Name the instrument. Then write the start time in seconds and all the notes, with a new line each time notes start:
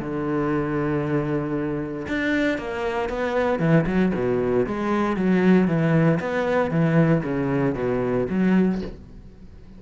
cello
0.00 D3
2.08 D4
2.58 A#3
3.09 B3
3.59 E3
3.86 F#3
4.15 B2
4.66 G#3
5.16 F#3
5.68 E3
6.20 B3
6.71 E3
7.23 C#3
7.75 B2
8.30 F#3